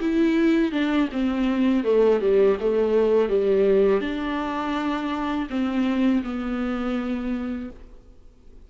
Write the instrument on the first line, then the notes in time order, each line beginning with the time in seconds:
viola
0.00 E4
0.72 D4
1.12 C4
1.84 A3
2.21 G3
2.60 A3
3.29 G3
4.01 D4
5.50 C4
6.23 B3